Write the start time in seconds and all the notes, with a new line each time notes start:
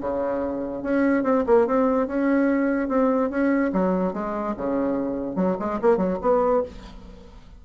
0.00 C#3
0.82 C#4
1.23 C4
1.46 A#3
1.67 C4
2.07 C#4
2.88 C4
3.30 C#4
3.73 F#3
4.13 G#3
4.56 C#3
5.35 F#3
5.59 G#3
5.81 A#3
5.97 F#3
6.21 B3